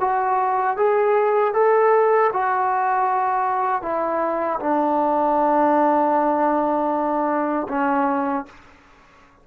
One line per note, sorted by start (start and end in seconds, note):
0.00 0.77 F#4
0.77 1.53 G#4
1.53 2.30 A4
2.33 3.82 F#4
3.82 4.59 E4
4.59 7.67 D4
7.69 8.45 C#4